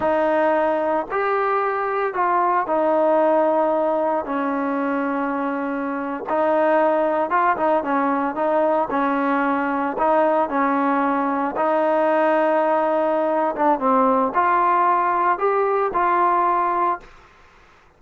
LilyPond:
\new Staff \with { instrumentName = "trombone" } { \time 4/4 \tempo 4 = 113 dis'2 g'2 | f'4 dis'2. | cis'2.~ cis'8. dis'16~ | dis'4.~ dis'16 f'8 dis'8 cis'4 dis'16~ |
dis'8. cis'2 dis'4 cis'16~ | cis'4.~ cis'16 dis'2~ dis'16~ | dis'4. d'8 c'4 f'4~ | f'4 g'4 f'2 | }